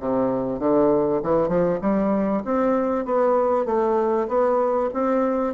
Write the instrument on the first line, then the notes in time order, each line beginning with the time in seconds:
bassoon
0.00 C3
0.59 D3
1.23 E3
1.48 F3
1.81 G3
2.45 C4
3.05 B3
3.66 A3
4.28 B3
4.93 C4